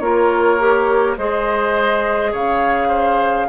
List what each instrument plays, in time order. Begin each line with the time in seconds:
0.00 bassoon A#3, clarinet F4, oboe A#4, flute C#5
0.60 clarinet G4
1.18 bassoon G#3, clarinet G#4, oboe C5, flute D#5
2.32 bassoon C#3, oboe C#5, flute F5
2.88 oboe C5